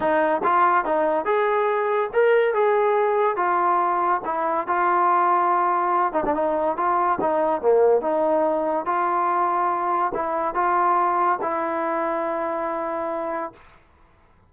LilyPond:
\new Staff \with { instrumentName = "trombone" } { \time 4/4 \tempo 4 = 142 dis'4 f'4 dis'4 gis'4~ | gis'4 ais'4 gis'2 | f'2 e'4 f'4~ | f'2~ f'8 dis'16 d'16 dis'4 |
f'4 dis'4 ais4 dis'4~ | dis'4 f'2. | e'4 f'2 e'4~ | e'1 | }